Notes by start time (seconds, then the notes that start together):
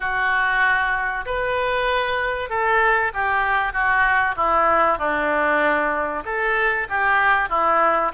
0.00 F#4
1.25 B4
2.49 A4
3.13 G4
3.72 F#4
4.36 E4
4.98 D4
6.25 A4
6.89 G4
7.49 E4